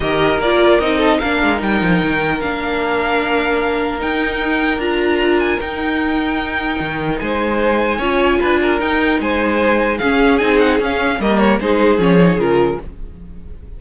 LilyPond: <<
  \new Staff \with { instrumentName = "violin" } { \time 4/4 \tempo 4 = 150 dis''4 d''4 dis''4 f''4 | g''2 f''2~ | f''2 g''2 | ais''4. gis''8 g''2~ |
g''2 gis''2~ | gis''2 g''4 gis''4~ | gis''4 f''4 gis''8 fis''8 f''4 | dis''8 cis''8 c''4 cis''4 ais'4 | }
  \new Staff \with { instrumentName = "violin" } { \time 4/4 ais'2~ ais'8 a'8 ais'4~ | ais'1~ | ais'1~ | ais'1~ |
ais'2 c''2 | cis''4 b'8 ais'4. c''4~ | c''4 gis'2. | ais'4 gis'2. | }
  \new Staff \with { instrumentName = "viola" } { \time 4/4 g'4 f'4 dis'4 d'4 | dis'2 d'2~ | d'2 dis'2 | f'2 dis'2~ |
dis'1 | f'2 dis'2~ | dis'4 cis'4 dis'4 cis'4 | ais4 dis'4 cis'8 dis'8 f'4 | }
  \new Staff \with { instrumentName = "cello" } { \time 4/4 dis4 ais4 c'4 ais8 gis8 | g8 f8 dis4 ais2~ | ais2 dis'2 | d'2 dis'2~ |
dis'4 dis4 gis2 | cis'4 d'4 dis'4 gis4~ | gis4 cis'4 c'4 cis'4 | g4 gis4 f4 cis4 | }
>>